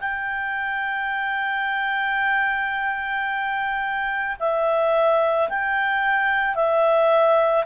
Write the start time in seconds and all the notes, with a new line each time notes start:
0.00 G5
4.39 E5
5.49 G5
6.55 E5